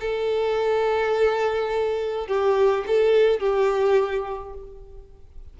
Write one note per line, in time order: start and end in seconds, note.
0.00 2.27 A4
2.27 2.84 G4
2.87 3.39 A4
3.39 4.54 G4